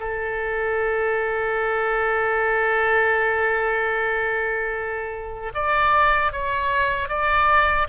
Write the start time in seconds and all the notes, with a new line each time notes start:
0.00 A4
5.54 D5
6.32 C#5
7.09 D5